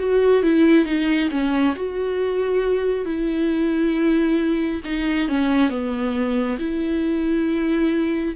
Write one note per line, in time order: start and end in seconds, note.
0.00 0.43 F#4
0.43 0.86 E4
0.86 1.30 D#4
1.31 1.75 C#4
1.76 3.06 F#4
3.06 4.82 E4
4.85 5.29 D#4
5.29 5.70 C#4
5.70 6.58 B3
6.59 8.36 E4